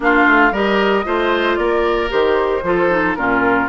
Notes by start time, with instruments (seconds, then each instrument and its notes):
0.00 bassoon A#3, clarinet D4, oboe F4, flute F5
0.26 bassoon A3
0.51 bassoon G3, clarinet G4, oboe A#4, flute D#5
1.04 bassoon A3, clarinet F4, oboe C5
1.56 bassoon A#3, oboe A#4, flute D5
2.09 bassoon D#3, clarinet G4, flute C5
2.62 bassoon F3, clarinet F4, oboe A4
2.89 clarinet D#4
3.15 bassoon A#2, clarinet C#4, oboe F4, flute A#4